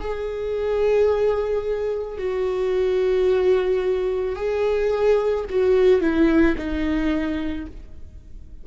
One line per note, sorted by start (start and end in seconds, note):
0.00 2.18 G#4
2.18 4.35 F#4
4.35 5.44 G#4
5.49 6.01 F#4
6.01 6.56 E4
6.57 7.66 D#4